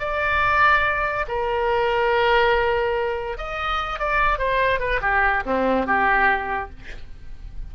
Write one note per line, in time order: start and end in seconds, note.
0.00 1.26 D5
1.28 3.38 A#4
3.38 4.00 D#5
4.00 4.39 D5
4.39 4.80 C5
4.80 5.01 B4
5.02 5.44 G4
5.46 5.87 C4
5.87 6.71 G4